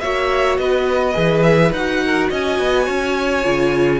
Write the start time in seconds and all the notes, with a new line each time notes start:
0.00 A#3 F#4 C#5 E5
0.57 B3 B4 D#5
1.13 E3 G#4
1.42 E5
1.72 D#4 F#4 F#5
2.04 A#4
2.30 C#4 D#5 G#5
2.59 B3
2.84 C#4 C#5
3.44 C#3 F4